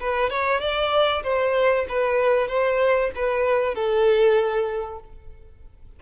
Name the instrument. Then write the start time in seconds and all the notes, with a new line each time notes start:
violin
0.00 B4
0.30 C#5
0.61 D5
1.24 C5
1.89 B4
2.48 C5
3.16 B4
3.75 A4